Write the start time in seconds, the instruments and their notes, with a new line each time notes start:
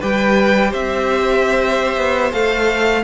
0.00 cello G3, viola G4, violin B4 G5
0.71 cello C4, violin C5 E5
1.97 cello B3
2.32 cello A3, viola A4, violin F5